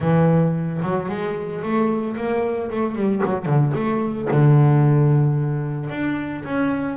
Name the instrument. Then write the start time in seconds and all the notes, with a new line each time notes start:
double bass
0.00 E3
0.82 F#3
1.08 G#3
1.62 A3
2.16 A#3
2.70 A3
2.95 G3
3.25 F#3
3.45 D3
3.74 A3
4.31 D3
5.89 D4
6.44 C#4